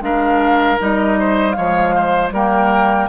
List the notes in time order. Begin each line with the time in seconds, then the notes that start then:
0.00 G#3 D4 A#4 F5
0.79 G3 D#4 D#5
1.19 C5
1.52 F3 G#3 C#5 F5
1.95 C5
2.31 G3 A#3 A#4 G5